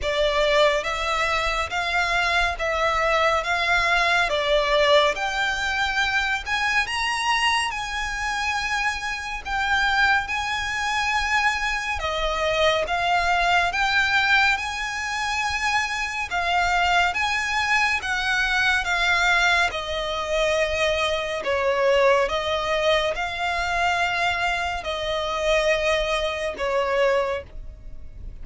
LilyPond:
\new Staff \with { instrumentName = "violin" } { \time 4/4 \tempo 4 = 70 d''4 e''4 f''4 e''4 | f''4 d''4 g''4. gis''8 | ais''4 gis''2 g''4 | gis''2 dis''4 f''4 |
g''4 gis''2 f''4 | gis''4 fis''4 f''4 dis''4~ | dis''4 cis''4 dis''4 f''4~ | f''4 dis''2 cis''4 | }